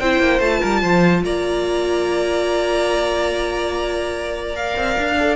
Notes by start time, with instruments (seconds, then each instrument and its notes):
0.00 cello C4, viola E4, violin C5 G5
0.20 cello A#3
0.40 cello A3, viola F4, violin A5
0.60 cello G3, violin A#4
0.81 cello F3, violin C5
1.24 cello A#3, violin D5 A#5
4.54 viola A#4, violin F5
4.76 cello C4
4.99 cello D4
5.20 viola A4